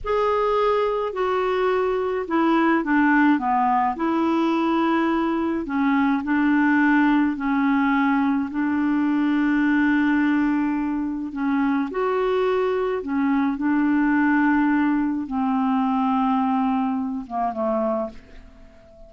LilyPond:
\new Staff \with { instrumentName = "clarinet" } { \time 4/4 \tempo 4 = 106 gis'2 fis'2 | e'4 d'4 b4 e'4~ | e'2 cis'4 d'4~ | d'4 cis'2 d'4~ |
d'1 | cis'4 fis'2 cis'4 | d'2. c'4~ | c'2~ c'8 ais8 a4 | }